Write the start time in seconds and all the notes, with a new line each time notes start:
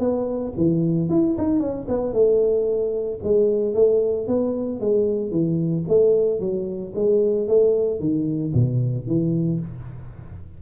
0.00 B3
0.57 E3
1.10 E4
1.38 D#4
1.60 C#4
1.88 B3
2.13 A3
3.24 G#3
3.74 A3
4.28 B3
4.81 G#3
5.31 E3
5.88 A3
6.40 F#3
6.95 G#3
7.48 A3
8.00 D#3
8.54 B2
9.07 E3